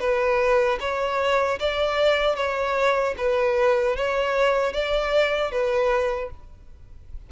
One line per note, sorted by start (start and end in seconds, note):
0.00 0.79 B4
0.80 1.59 C#5
1.60 2.36 D5
2.36 3.15 C#5
3.18 3.96 B4
3.96 4.73 C#5
4.73 5.52 D5
5.52 6.31 B4